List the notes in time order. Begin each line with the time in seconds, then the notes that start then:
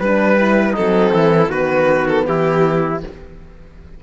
0.00 G3 D4 B4
0.38 E4
0.73 F#3 C4 D#4 A4
1.14 E3 E4
1.49 D#3 B3 F#4 B4
2.08 A4
2.26 E3 E4 G4